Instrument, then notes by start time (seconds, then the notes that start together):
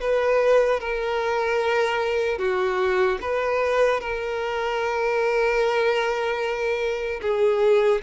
violin
0.00 B4
0.80 A#4
2.38 F#4
3.21 B4
4.00 A#4
7.21 G#4